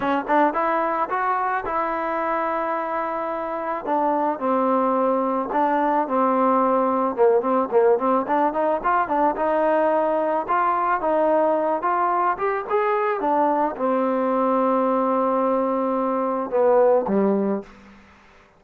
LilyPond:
\new Staff \with { instrumentName = "trombone" } { \time 4/4 \tempo 4 = 109 cis'8 d'8 e'4 fis'4 e'4~ | e'2. d'4 | c'2 d'4 c'4~ | c'4 ais8 c'8 ais8 c'8 d'8 dis'8 |
f'8 d'8 dis'2 f'4 | dis'4. f'4 g'8 gis'4 | d'4 c'2.~ | c'2 b4 g4 | }